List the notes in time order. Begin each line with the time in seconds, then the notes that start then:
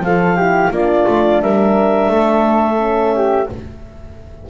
0.00 F3 F4 F5
0.06 A4
0.37 E4 G4
0.71 A#3 D4 F4 D5
1.08 A3
1.42 G3 A#4 E5
2.09 A3 A4
2.78 C#4
3.15 G4